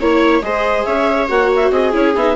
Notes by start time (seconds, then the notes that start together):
0.00 A#3 E4 C#5
0.42 G#3 G#4 C5 D#5
0.84 C#4 C#5 E5
1.28 A#3 F#4 F#5
1.56 E5
1.71 C4 G#4 D#5
1.92 C#4 E4 C#5
2.15 B3 D#4 E5